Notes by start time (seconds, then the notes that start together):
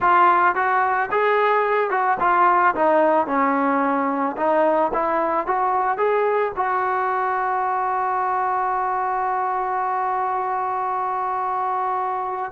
0.00 F4
0.55 F#4
1.11 G#4
1.90 F#4
2.20 F4
2.75 D#4
3.27 C#4
4.36 D#4
4.93 E4
5.46 F#4
5.97 G#4
6.56 F#4